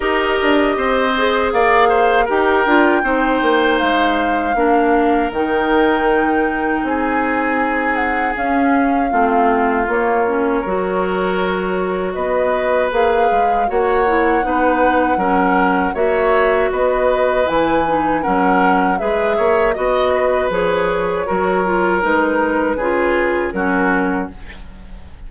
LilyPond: <<
  \new Staff \with { instrumentName = "flute" } { \time 4/4 \tempo 4 = 79 dis''2 f''4 g''4~ | g''4 f''2 g''4~ | g''4 gis''4. fis''8 f''4~ | f''4 cis''2. |
dis''4 f''4 fis''2~ | fis''4 e''4 dis''4 gis''4 | fis''4 e''4 dis''4 cis''4~ | cis''4 b'2 ais'4 | }
  \new Staff \with { instrumentName = "oboe" } { \time 4/4 ais'4 c''4 d''8 c''8 ais'4 | c''2 ais'2~ | ais'4 gis'2. | f'2 ais'2 |
b'2 cis''4 b'4 | ais'4 cis''4 b'2 | ais'4 b'8 cis''8 dis''8 b'4. | ais'2 gis'4 fis'4 | }
  \new Staff \with { instrumentName = "clarinet" } { \time 4/4 g'4. gis'4. g'8 f'8 | dis'2 d'4 dis'4~ | dis'2. cis'4 | c'4 ais8 cis'8 fis'2~ |
fis'4 gis'4 fis'8 e'8 dis'4 | cis'4 fis'2 e'8 dis'8 | cis'4 gis'4 fis'4 gis'4 | fis'8 f'8 dis'4 f'4 cis'4 | }
  \new Staff \with { instrumentName = "bassoon" } { \time 4/4 dis'8 d'8 c'4 ais4 dis'8 d'8 | c'8 ais8 gis4 ais4 dis4~ | dis4 c'2 cis'4 | a4 ais4 fis2 |
b4 ais8 gis8 ais4 b4 | fis4 ais4 b4 e4 | fis4 gis8 ais8 b4 f4 | fis4 gis4 cis4 fis4 | }
>>